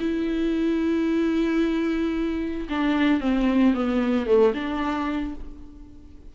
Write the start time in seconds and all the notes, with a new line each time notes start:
0.00 E4
2.69 D4
3.20 C4
3.74 B3
4.26 A3
4.54 D4